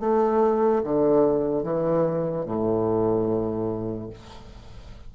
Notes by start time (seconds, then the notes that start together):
0.00 A3
0.84 D3
1.63 E3
2.45 A2